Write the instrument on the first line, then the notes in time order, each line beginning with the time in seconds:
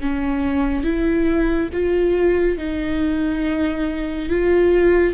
viola
0.00 C#4
0.83 E4
1.73 F4
2.58 D#4
4.29 F4